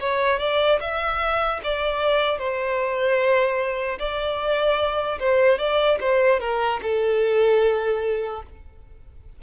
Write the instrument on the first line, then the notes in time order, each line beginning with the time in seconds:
violin
0.00 C#5
0.39 D5
0.80 E5
1.64 D5
2.39 C5
3.99 D5
5.20 C5
5.58 D5
6.00 C5
6.40 A#4
6.82 A4